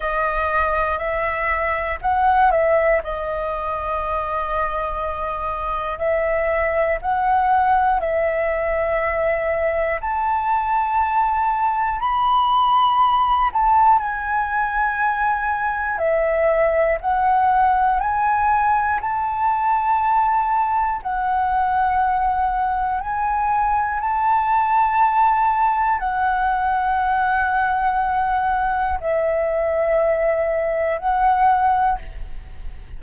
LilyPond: \new Staff \with { instrumentName = "flute" } { \time 4/4 \tempo 4 = 60 dis''4 e''4 fis''8 e''8 dis''4~ | dis''2 e''4 fis''4 | e''2 a''2 | b''4. a''8 gis''2 |
e''4 fis''4 gis''4 a''4~ | a''4 fis''2 gis''4 | a''2 fis''2~ | fis''4 e''2 fis''4 | }